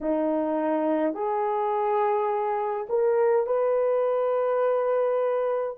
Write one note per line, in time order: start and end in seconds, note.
0.00 1.13 D#4
1.13 2.86 G#4
2.89 3.46 A#4
3.46 5.77 B4